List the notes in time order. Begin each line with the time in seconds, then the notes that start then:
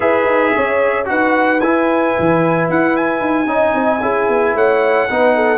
0.00 E4 G#4 B4 E5
0.25 D#4
0.54 C#4 C#5
1.04 D#4 F#4 B4 F#5
1.60 E4 G#5
2.19 E3
2.69 E4 F#5
2.96 G#5
3.20 D#4
3.46 C#4 D#4 D#5
3.74 C4
4.02 C#4 E4 G#4
4.28 B3
4.54 A3 C#5 F#5
5.09 B3 D#4 B4
5.35 A4